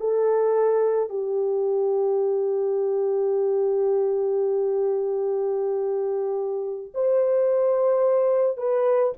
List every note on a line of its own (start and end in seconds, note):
0.00 1.10 A4
1.10 6.93 G4
6.94 8.58 C5
8.58 9.13 B4